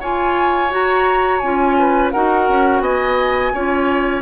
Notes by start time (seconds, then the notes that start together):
0.00 F4 C#5 G#5
0.69 F#4 A#5
1.38 C#4 F4 G#5
1.78 B4
2.11 D#4 F#4 A#4 F#5
2.48 C#4
2.80 B3 D#5 G#5
3.53 C#4 F4 C#5